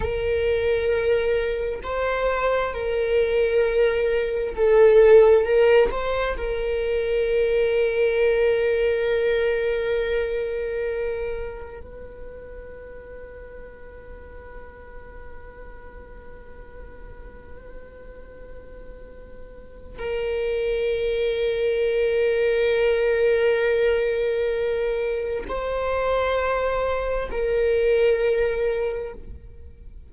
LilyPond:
\new Staff \with { instrumentName = "viola" } { \time 4/4 \tempo 4 = 66 ais'2 c''4 ais'4~ | ais'4 a'4 ais'8 c''8 ais'4~ | ais'1~ | ais'4 b'2.~ |
b'1~ | b'2 ais'2~ | ais'1 | c''2 ais'2 | }